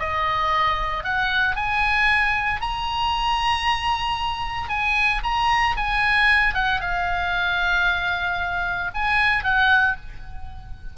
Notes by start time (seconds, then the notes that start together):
0.00 D#5
1.04 F#5
1.56 G#5
2.61 A#5
4.69 G#5
5.24 A#5
5.77 G#5
6.55 F#5
6.81 F5
8.95 G#5
9.44 F#5